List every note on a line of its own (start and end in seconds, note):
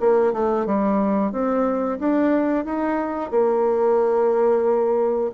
0.00 0.33 A#3
0.33 0.66 A3
0.66 1.32 G3
1.32 1.99 C4
1.99 2.65 D4
2.65 3.31 D#4
3.31 5.31 A#3